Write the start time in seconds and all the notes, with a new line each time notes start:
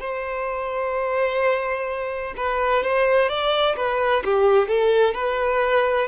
0.00 C5
2.37 B4
2.83 C5
3.29 D5
3.77 B4
4.25 G4
4.68 A4
5.14 B4